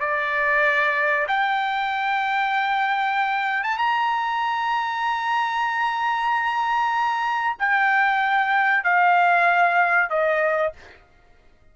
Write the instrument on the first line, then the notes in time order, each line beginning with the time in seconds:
trumpet
0.00 D5
1.27 G5
3.63 A5
3.78 A#5
7.59 G5
8.84 F5
10.10 D#5